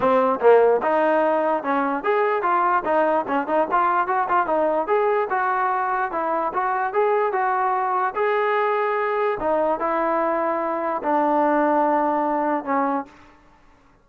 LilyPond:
\new Staff \with { instrumentName = "trombone" } { \time 4/4 \tempo 4 = 147 c'4 ais4 dis'2 | cis'4 gis'4 f'4 dis'4 | cis'8 dis'8 f'4 fis'8 f'8 dis'4 | gis'4 fis'2 e'4 |
fis'4 gis'4 fis'2 | gis'2. dis'4 | e'2. d'4~ | d'2. cis'4 | }